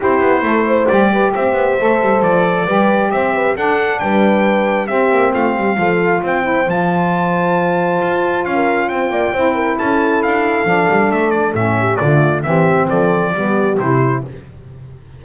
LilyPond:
<<
  \new Staff \with { instrumentName = "trumpet" } { \time 4/4 \tempo 4 = 135 c''2 d''4 e''4~ | e''4 d''2 e''4 | fis''4 g''2 e''4 | f''2 g''4 a''4~ |
a''2. f''4 | g''2 a''4 f''4~ | f''4 e''8 d''8 e''4 d''4 | e''4 d''2 c''4 | }
  \new Staff \with { instrumentName = "horn" } { \time 4/4 g'4 a'8 c''4 b'8 c''4~ | c''2 b'4 c''8 b'8 | a'4 b'2 g'4 | f'8 g'8 a'4 c''2~ |
c''2.~ c''16 ais'8. | c''8 d''8 c''8 ais'8 a'2~ | a'2~ a'8 g'8 f'4 | g'4 a'4 g'2 | }
  \new Staff \with { instrumentName = "saxophone" } { \time 4/4 e'2 g'2 | a'2 g'2 | d'2. c'4~ | c'4 f'4. e'8 f'4~ |
f'1~ | f'4 e'2. | d'2 cis'4 a4 | c'2 b4 e'4 | }
  \new Staff \with { instrumentName = "double bass" } { \time 4/4 c'8 b8 a4 g4 c'8 b8 | a8 g8 f4 g4 c'4 | d'4 g2 c'8 ais8 | a8 g8 f4 c'4 f4~ |
f2 f'4 cis'4 | c'8 ais8 c'4 cis'4 d'4 | f8 g8 a4 a,4 d4 | e4 f4 g4 c4 | }
>>